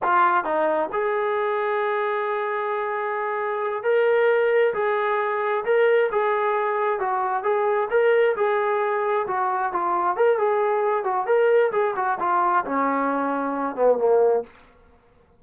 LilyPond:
\new Staff \with { instrumentName = "trombone" } { \time 4/4 \tempo 4 = 133 f'4 dis'4 gis'2~ | gis'1~ | gis'8 ais'2 gis'4.~ | gis'8 ais'4 gis'2 fis'8~ |
fis'8 gis'4 ais'4 gis'4.~ | gis'8 fis'4 f'4 ais'8 gis'4~ | gis'8 fis'8 ais'4 gis'8 fis'8 f'4 | cis'2~ cis'8 b8 ais4 | }